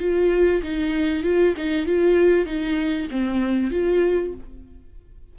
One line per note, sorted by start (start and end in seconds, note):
0.00 0.62 F4
0.63 1.24 D#4
1.24 1.55 F4
1.57 1.87 D#4
1.87 2.46 F4
2.46 3.09 D#4
3.11 3.71 C4
3.71 4.34 F4